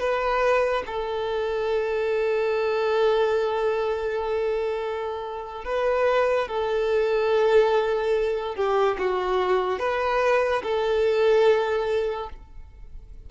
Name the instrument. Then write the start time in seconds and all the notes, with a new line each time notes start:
violin
0.00 B4
0.86 A4
5.65 B4
6.48 A4
8.55 G4
8.98 F#4
9.79 B4
10.63 A4